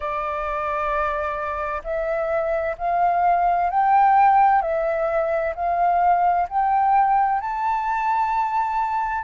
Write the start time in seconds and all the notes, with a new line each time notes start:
0.00 D5
1.83 E5
2.78 F5
3.70 G5
4.62 E5
5.55 F5
6.49 G5
7.41 A5